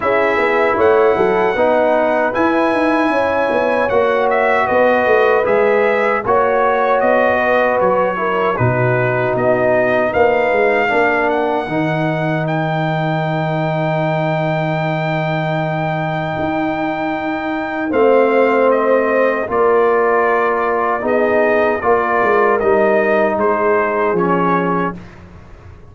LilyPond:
<<
  \new Staff \with { instrumentName = "trumpet" } { \time 4/4 \tempo 4 = 77 e''4 fis''2 gis''4~ | gis''4 fis''8 e''8 dis''4 e''4 | cis''4 dis''4 cis''4 b'4 | dis''4 f''4. fis''4. |
g''1~ | g''2. f''4 | dis''4 d''2 dis''4 | d''4 dis''4 c''4 cis''4 | }
  \new Staff \with { instrumentName = "horn" } { \time 4/4 gis'4 cis''8 a'8 b'2 | cis''2 b'2 | cis''4. b'4 ais'8 fis'4~ | fis'4 b'4 ais'2~ |
ais'1~ | ais'2. c''4~ | c''4 ais'2 gis'4 | ais'2 gis'2 | }
  \new Staff \with { instrumentName = "trombone" } { \time 4/4 e'2 dis'4 e'4~ | e'4 fis'2 gis'4 | fis'2~ fis'8 e'8 dis'4~ | dis'2 d'4 dis'4~ |
dis'1~ | dis'2. c'4~ | c'4 f'2 dis'4 | f'4 dis'2 cis'4 | }
  \new Staff \with { instrumentName = "tuba" } { \time 4/4 cis'8 b8 a8 fis8 b4 e'8 dis'8 | cis'8 b8 ais4 b8 a8 gis4 | ais4 b4 fis4 b,4 | b4 ais8 gis8 ais4 dis4~ |
dis1~ | dis4 dis'2 a4~ | a4 ais2 b4 | ais8 gis8 g4 gis4 f4 | }
>>